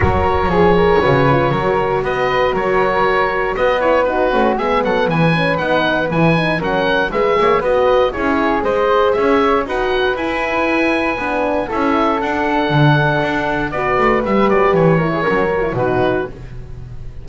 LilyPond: <<
  \new Staff \with { instrumentName = "oboe" } { \time 4/4 \tempo 4 = 118 cis''1 | dis''4 cis''2 dis''8 cis''8 | b'4 e''8 fis''8 gis''4 fis''4 | gis''4 fis''4 e''4 dis''4 |
cis''4 dis''4 e''4 fis''4 | gis''2. e''4 | fis''2. d''4 | e''8 d''8 cis''2 b'4 | }
  \new Staff \with { instrumentName = "flute" } { \time 4/4 ais'4 gis'8 ais'8 b'4 ais'4 | b'4 ais'2 b'4 | fis'4 gis'8 a'8 b'2~ | b'4 ais'4 b'8 cis''8 b'4 |
gis'4 c''4 cis''4 b'4~ | b'2. a'4~ | a'2. b'4~ | b'4. ais'16 gis'16 ais'4 fis'4 | }
  \new Staff \with { instrumentName = "horn" } { \time 4/4 fis'4 gis'4 fis'8 f'8 fis'4~ | fis'2.~ fis'8 e'8 | dis'8 cis'8 b4. cis'8 dis'4 | e'8 dis'8 cis'4 gis'4 fis'4 |
e'4 gis'2 fis'4 | e'2 d'4 e'4 | d'2. fis'4 | g'4. e'8 cis'8 fis'16 e'16 dis'4 | }
  \new Staff \with { instrumentName = "double bass" } { \time 4/4 fis4 f4 cis4 fis4 | b4 fis2 b4~ | b8 a8 gis8 fis8 e4 b4 | e4 fis4 gis8 ais8 b4 |
cis'4 gis4 cis'4 dis'4 | e'2 b4 cis'4 | d'4 d4 d'4 b8 a8 | g8 fis8 e4 fis4 b,4 | }
>>